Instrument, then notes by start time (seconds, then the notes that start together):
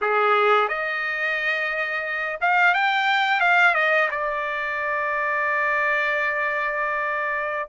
trumpet
0.01 G#4
0.68 D#5
2.40 F5
2.74 G5
3.40 F5
3.74 D#5
4.10 D5